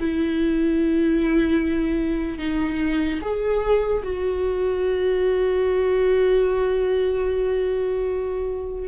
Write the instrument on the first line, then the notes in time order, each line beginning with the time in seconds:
viola
0.00 E4
2.39 D#4
3.22 G#4
4.03 F#4